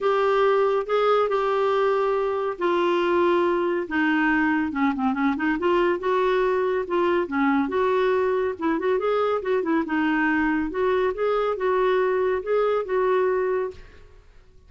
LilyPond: \new Staff \with { instrumentName = "clarinet" } { \time 4/4 \tempo 4 = 140 g'2 gis'4 g'4~ | g'2 f'2~ | f'4 dis'2 cis'8 c'8 | cis'8 dis'8 f'4 fis'2 |
f'4 cis'4 fis'2 | e'8 fis'8 gis'4 fis'8 e'8 dis'4~ | dis'4 fis'4 gis'4 fis'4~ | fis'4 gis'4 fis'2 | }